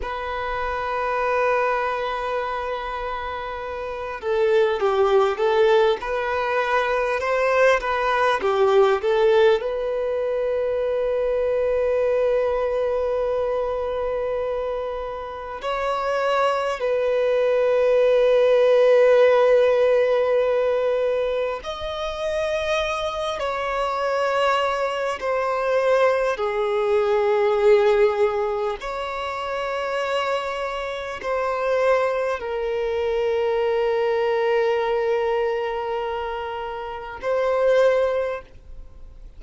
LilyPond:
\new Staff \with { instrumentName = "violin" } { \time 4/4 \tempo 4 = 50 b'2.~ b'8 a'8 | g'8 a'8 b'4 c''8 b'8 g'8 a'8 | b'1~ | b'4 cis''4 b'2~ |
b'2 dis''4. cis''8~ | cis''4 c''4 gis'2 | cis''2 c''4 ais'4~ | ais'2. c''4 | }